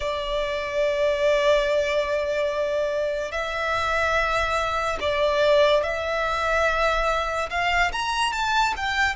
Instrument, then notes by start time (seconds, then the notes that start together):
violin
0.00 D5
3.31 E5
5.00 D5
5.83 E5
7.50 F5
7.92 A#5
8.32 A5
8.76 G5